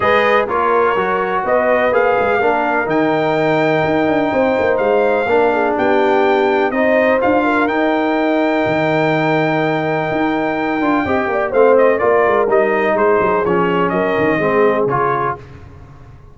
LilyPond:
<<
  \new Staff \with { instrumentName = "trumpet" } { \time 4/4 \tempo 4 = 125 dis''4 cis''2 dis''4 | f''2 g''2~ | g''2 f''2 | g''2 dis''4 f''4 |
g''1~ | g''1 | f''8 dis''8 d''4 dis''4 c''4 | cis''4 dis''2 cis''4 | }
  \new Staff \with { instrumentName = "horn" } { \time 4/4 b'4 ais'2 b'4~ | b'4 ais'2.~ | ais'4 c''2 ais'8 gis'8 | g'2 c''4. ais'8~ |
ais'1~ | ais'2. dis''8 d''8 | c''4 ais'2 gis'4~ | gis'4 ais'4 gis'2 | }
  \new Staff \with { instrumentName = "trombone" } { \time 4/4 gis'4 f'4 fis'2 | gis'4 d'4 dis'2~ | dis'2. d'4~ | d'2 dis'4 f'4 |
dis'1~ | dis'2~ dis'8 f'8 g'4 | c'4 f'4 dis'2 | cis'2 c'4 f'4 | }
  \new Staff \with { instrumentName = "tuba" } { \time 4/4 gis4 ais4 fis4 b4 | ais8 gis8 ais4 dis2 | dis'8 d'8 c'8 ais8 gis4 ais4 | b2 c'4 d'4 |
dis'2 dis2~ | dis4 dis'4. d'8 c'8 ais8 | a4 ais8 gis8 g4 gis8 fis8 | f4 fis8 dis8 gis4 cis4 | }
>>